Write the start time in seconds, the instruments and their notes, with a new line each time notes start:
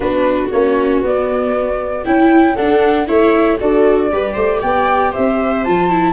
0.00 tuba B3, viola D4 F#4, flute B4
0.50 tuba A#3, viola C#4, flute C#5
1.02 tuba B3, viola B3, flute D5
2.05 tuba C#4, viola E4, flute G5
2.55 viola D4 A4, tuba D4, flute F#5
3.06 tuba A3, viola E4 C#5, flute E5
3.59 tuba D4, viola F#4 A4, flute D5
4.11 tuba G3, viola G4 B4
4.33 tuba A3, viola C5
4.61 tuba B3, viola D5, flute G5
5.11 viola C5, flute E5
5.17 tuba C4
5.63 tuba F3, viola F4, flute A5
5.90 viola E4